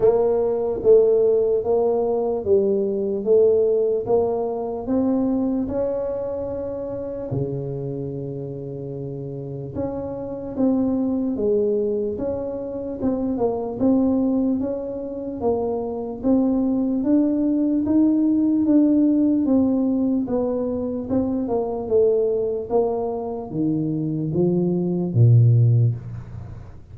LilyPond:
\new Staff \with { instrumentName = "tuba" } { \time 4/4 \tempo 4 = 74 ais4 a4 ais4 g4 | a4 ais4 c'4 cis'4~ | cis'4 cis2. | cis'4 c'4 gis4 cis'4 |
c'8 ais8 c'4 cis'4 ais4 | c'4 d'4 dis'4 d'4 | c'4 b4 c'8 ais8 a4 | ais4 dis4 f4 ais,4 | }